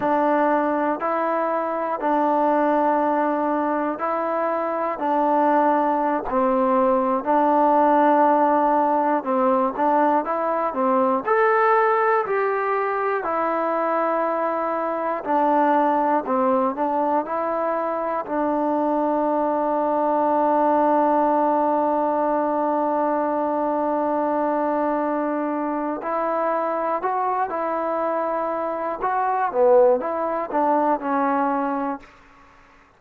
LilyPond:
\new Staff \with { instrumentName = "trombone" } { \time 4/4 \tempo 4 = 60 d'4 e'4 d'2 | e'4 d'4~ d'16 c'4 d'8.~ | d'4~ d'16 c'8 d'8 e'8 c'8 a'8.~ | a'16 g'4 e'2 d'8.~ |
d'16 c'8 d'8 e'4 d'4.~ d'16~ | d'1~ | d'2 e'4 fis'8 e'8~ | e'4 fis'8 b8 e'8 d'8 cis'4 | }